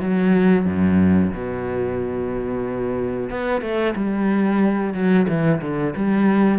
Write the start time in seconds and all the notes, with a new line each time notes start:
0.00 F#3
0.65 F#2
1.33 B2
3.31 B3
3.61 A3
3.96 G3
4.94 F#3
5.28 E3
5.62 D3
5.96 G3